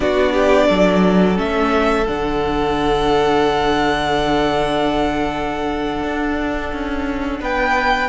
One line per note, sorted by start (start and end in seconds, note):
0.00 0.69 B3
0.00 1.35 D4
0.00 0.32 F#4
0.00 1.37 D5
0.32 0.67 G4
0.67 1.38 F#3
0.67 7.40 A4
1.35 2.07 A3
1.35 2.04 C#4
1.35 2.07 E5
2.06 6.03 D3
2.06 8.09 D4
2.06 7.41 F#5
6.03 6.72 D4
6.72 7.40 C#4
7.40 8.09 B3
7.40 8.09 B4
7.40 8.09 G5